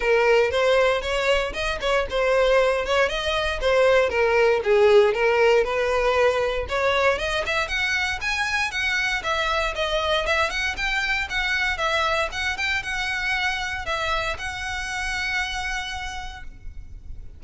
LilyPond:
\new Staff \with { instrumentName = "violin" } { \time 4/4 \tempo 4 = 117 ais'4 c''4 cis''4 dis''8 cis''8 | c''4. cis''8 dis''4 c''4 | ais'4 gis'4 ais'4 b'4~ | b'4 cis''4 dis''8 e''8 fis''4 |
gis''4 fis''4 e''4 dis''4 | e''8 fis''8 g''4 fis''4 e''4 | fis''8 g''8 fis''2 e''4 | fis''1 | }